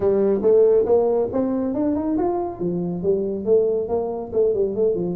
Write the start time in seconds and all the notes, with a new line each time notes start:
0.00 G3
0.42 A3
0.85 A#3
1.32 C4
1.74 D4
1.95 D#4
2.17 F4
2.59 F3
3.03 G3
3.45 A3
3.88 A#3
4.32 A3
4.53 G3
4.75 A3
4.94 F3